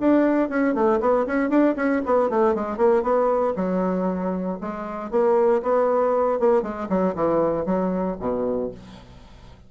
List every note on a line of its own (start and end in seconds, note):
0.00 0.49 D4
0.49 0.74 C#4
0.74 1.00 A3
1.00 1.26 B3
1.26 1.49 C#4
1.49 1.75 D4
1.76 2.02 C#4
2.05 2.29 B3
2.29 2.55 A3
2.55 2.77 G#3
2.77 3.03 A#3
3.03 3.54 B3
3.56 4.59 F#3
4.61 5.11 G#3
5.11 5.62 A#3
5.62 6.39 B3
6.39 6.62 A#3
6.62 6.88 G#3
6.89 7.14 F#3
7.15 7.65 E3
7.65 8.17 F#3
8.20 8.71 B2